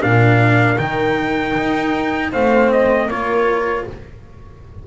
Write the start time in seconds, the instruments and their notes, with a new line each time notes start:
0.00 double bass A#2, cello D4, horn A#4, trumpet F5
0.78 double bass D#3, cello D#4, trumpet G5
1.56 double bass D#4
2.31 double bass A3, cello C4, horn C5, trumpet F5
2.71 trumpet D#5
3.06 double bass A#3, cello F4, horn A#4, trumpet C#5